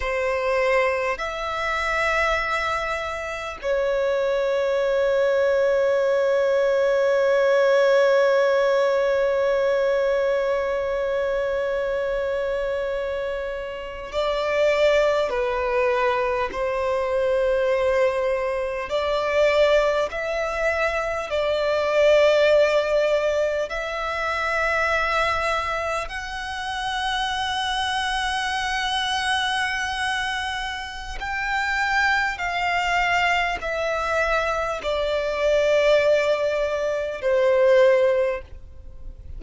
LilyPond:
\new Staff \with { instrumentName = "violin" } { \time 4/4 \tempo 4 = 50 c''4 e''2 cis''4~ | cis''1~ | cis''2.~ cis''8. d''16~ | d''8. b'4 c''2 d''16~ |
d''8. e''4 d''2 e''16~ | e''4.~ e''16 fis''2~ fis''16~ | fis''2 g''4 f''4 | e''4 d''2 c''4 | }